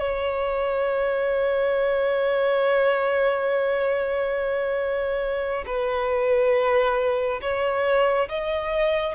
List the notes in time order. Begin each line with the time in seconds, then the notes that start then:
0.00 C#5
5.67 B4
7.42 C#5
8.29 D#5